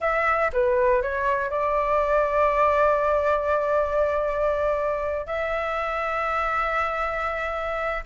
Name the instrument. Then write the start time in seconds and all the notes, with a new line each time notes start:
flute
0.00 E5
0.52 B4
1.02 C#5
1.50 D5
5.26 E5